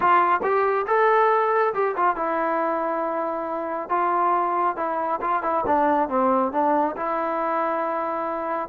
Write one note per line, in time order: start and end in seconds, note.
0.00 0.41 F4
0.42 0.86 G4
0.86 1.73 A4
1.74 1.95 G4
1.96 2.16 F4
2.16 3.89 E4
3.89 4.76 F4
4.76 5.20 E4
5.21 5.42 F4
5.42 5.64 E4
5.66 6.08 D4
6.08 6.52 C4
6.52 6.95 D4
6.96 8.69 E4